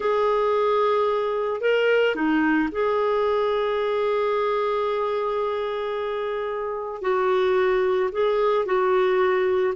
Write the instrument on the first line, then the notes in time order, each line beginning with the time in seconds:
clarinet
0.00 G#4
1.61 A#4
2.15 D#4
2.71 G#4
7.01 F#4
8.12 G#4
8.65 F#4